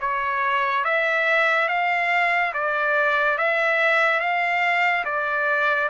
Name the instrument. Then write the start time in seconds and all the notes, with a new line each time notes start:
trumpet
0.00 C#5
0.84 E5
1.68 F5
2.54 D5
3.38 E5
4.20 F5
5.04 D5